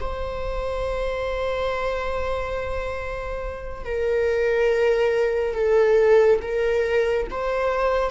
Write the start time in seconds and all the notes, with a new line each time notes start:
0.00 C5
3.85 A#4
5.54 A4
6.42 A#4
7.31 C5